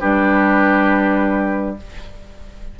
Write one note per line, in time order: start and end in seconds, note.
0.00 1.80 G3
0.00 1.77 D4
0.00 1.76 G4
0.00 1.76 B4